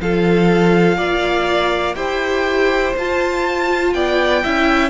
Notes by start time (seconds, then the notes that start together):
0.00 F3 F4 A4 F5
0.97 A#3 D5
1.95 E4 G4 C5 G5
2.96 F4 A5
3.93 B3 D5 G5
4.43 C#4 E4 E5